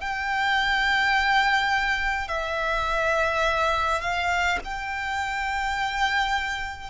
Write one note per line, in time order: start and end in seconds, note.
0.00 2.28 G5
2.28 4.01 E5
4.01 4.58 F5
4.64 6.90 G5